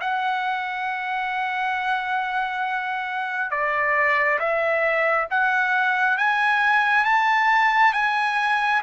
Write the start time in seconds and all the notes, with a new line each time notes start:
0.00 F#5
3.50 D5
4.39 E5
5.30 F#5
6.17 G#5
7.05 A5
7.93 G#5